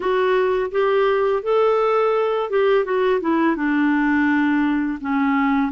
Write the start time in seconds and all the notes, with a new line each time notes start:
0.00 F#4
0.71 G4
1.43 A4
2.50 G4
2.84 F#4
3.20 E4
3.56 D4
5.00 C#4